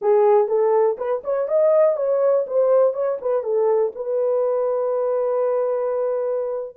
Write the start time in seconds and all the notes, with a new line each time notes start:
0.01 G#4
0.47 A4
0.97 B4
1.24 C#5
1.48 D#5
1.96 C#5
2.47 C5
2.93 C#5
3.21 B4
3.43 A4
3.95 B4